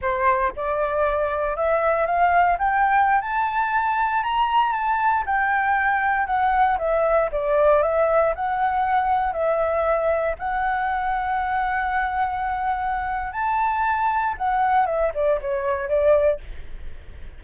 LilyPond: \new Staff \with { instrumentName = "flute" } { \time 4/4 \tempo 4 = 117 c''4 d''2 e''4 | f''4 g''4~ g''16 a''4.~ a''16~ | a''16 ais''4 a''4 g''4.~ g''16~ | g''16 fis''4 e''4 d''4 e''8.~ |
e''16 fis''2 e''4.~ e''16~ | e''16 fis''2.~ fis''8.~ | fis''2 a''2 | fis''4 e''8 d''8 cis''4 d''4 | }